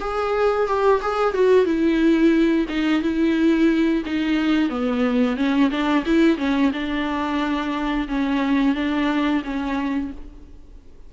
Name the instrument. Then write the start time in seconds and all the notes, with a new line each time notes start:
viola
0.00 G#4
0.67 G4
1.02 G#4
1.34 F#4
1.65 E4
2.69 D#4
3.02 E4
4.06 D#4
4.70 B3
5.36 C#4
5.71 D4
6.06 E4
6.38 C#4
6.73 D4
8.08 C#4
8.75 D4
9.44 C#4